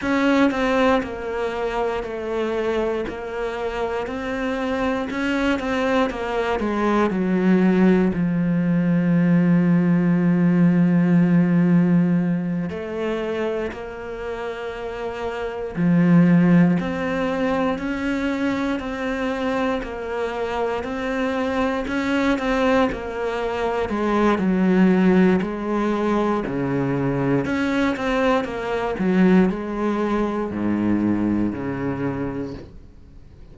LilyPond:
\new Staff \with { instrumentName = "cello" } { \time 4/4 \tempo 4 = 59 cis'8 c'8 ais4 a4 ais4 | c'4 cis'8 c'8 ais8 gis8 fis4 | f1~ | f8 a4 ais2 f8~ |
f8 c'4 cis'4 c'4 ais8~ | ais8 c'4 cis'8 c'8 ais4 gis8 | fis4 gis4 cis4 cis'8 c'8 | ais8 fis8 gis4 gis,4 cis4 | }